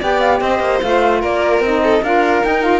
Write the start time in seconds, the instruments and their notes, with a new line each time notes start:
0.00 cello B3, saxophone G4, violin D5, flute G5
0.20 flute F5
0.41 cello C4, violin C5, flute D#5
0.60 cello A#3
0.82 cello A3, saxophone F4, flute F5
1.21 cello A#3, violin A#4, flute D5
1.60 cello C4, saxophone D#4, flute D#5
1.83 violin A4
2.03 cello D4, saxophone F4, violin A#4, flute F5
2.43 saxophone D#4, cello D#4, flute G5
2.62 saxophone F4, flute F5